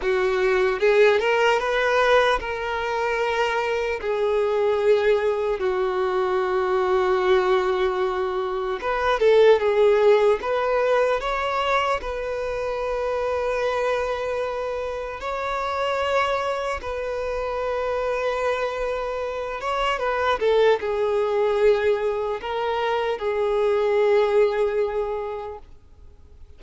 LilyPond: \new Staff \with { instrumentName = "violin" } { \time 4/4 \tempo 4 = 75 fis'4 gis'8 ais'8 b'4 ais'4~ | ais'4 gis'2 fis'4~ | fis'2. b'8 a'8 | gis'4 b'4 cis''4 b'4~ |
b'2. cis''4~ | cis''4 b'2.~ | b'8 cis''8 b'8 a'8 gis'2 | ais'4 gis'2. | }